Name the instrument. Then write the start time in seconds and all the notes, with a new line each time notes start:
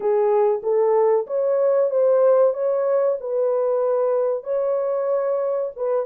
horn
0.00 G#4
0.62 A4
1.26 C#5
1.90 C5
2.53 C#5
3.20 B4
4.43 C#5
5.76 B4